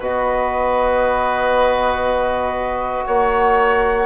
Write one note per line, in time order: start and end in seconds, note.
0.00 3.05 B3
0.00 4.06 F#4
0.00 3.05 B4
0.00 3.06 D#5
3.06 4.06 A#3
3.06 4.06 C#5
3.06 4.06 F#5